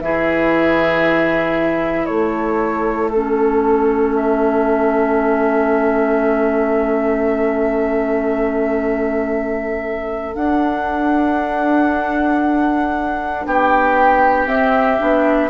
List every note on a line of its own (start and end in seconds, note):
0.00 2.07 E3
0.00 3.12 E4
0.00 2.06 G#4
0.00 2.05 E5
2.05 10.36 A3
2.05 13.44 A4
2.05 3.09 C#5
3.10 10.33 C#4
3.10 4.14 A4
4.15 10.35 E5
10.33 14.45 D4
10.33 13.45 D4
10.33 13.45 F#5
13.45 14.46 B3
13.45 15.50 G4
13.45 14.47 G5
14.45 14.97 C4
14.45 14.98 C4
14.45 15.50 E5
14.97 15.50 B3
14.97 15.49 D4